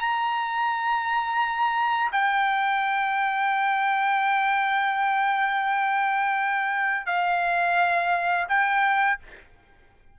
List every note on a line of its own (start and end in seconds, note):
0.00 2.12 A#5
2.12 7.06 G5
7.06 8.47 F5
8.49 9.19 G5